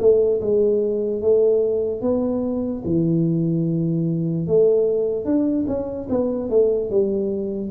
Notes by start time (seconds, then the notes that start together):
0.00 A3
0.41 G#3
1.21 A3
2.02 B3
2.85 E3
4.47 A3
5.25 D4
5.68 C#4
6.10 B3
6.50 A3
6.90 G3